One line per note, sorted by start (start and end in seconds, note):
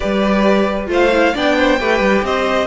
0.00 0.88 G3
0.00 0.86 G4
0.00 0.89 B4
0.00 0.87 D5
0.86 1.33 A3
0.86 1.09 F4
0.86 1.33 C5
0.86 1.36 F5
1.11 1.34 E4
1.33 1.80 B3
1.33 1.79 D4
1.33 1.56 D5
1.33 2.25 G5
1.57 1.79 C5
1.79 1.99 A3
1.79 2.67 G4
1.79 2.24 B4
1.99 2.21 G3
2.22 2.67 C4
2.22 2.67 C5
2.22 2.67 D#5